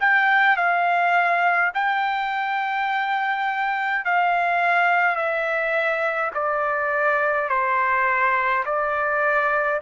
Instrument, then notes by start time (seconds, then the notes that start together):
trumpet
0.00 G5
0.56 F5
1.74 G5
4.05 F5
5.16 E5
6.34 D5
7.48 C5
8.65 D5